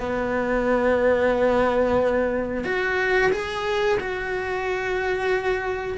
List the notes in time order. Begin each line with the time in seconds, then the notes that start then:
0.00 B3
2.64 F#4
3.32 G#4
4.00 F#4